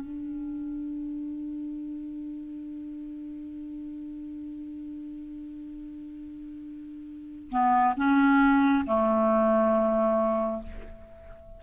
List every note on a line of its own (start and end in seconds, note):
0.00 7.50 D4
7.50 7.95 B3
7.97 8.85 C#4
8.87 10.63 A3